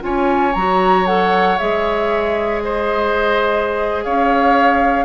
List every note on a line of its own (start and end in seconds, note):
0.00 0.54 C#4
0.00 0.52 F4
0.00 2.63 C#5
0.00 0.54 G#5
0.54 1.58 F#3
0.54 1.05 F#4
0.54 1.05 A#5
1.05 1.57 A4
1.05 1.57 F#5
1.57 4.05 G#3
1.57 5.05 G#4
1.57 2.61 E5
2.61 4.04 C5
2.61 4.03 D#5
4.04 5.05 C#4
4.04 5.05 C#5
4.04 5.05 F5